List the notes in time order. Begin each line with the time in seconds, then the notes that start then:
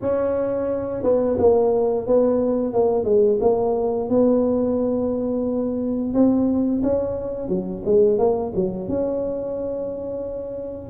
0.01 C#4
1.03 B3
1.38 A#3
2.06 B3
2.73 A#3
3.04 G#3
3.41 A#3
4.09 B3
6.13 C4
6.82 C#4
7.48 F#3
7.85 G#3
8.18 A#3
8.55 F#3
8.88 C#4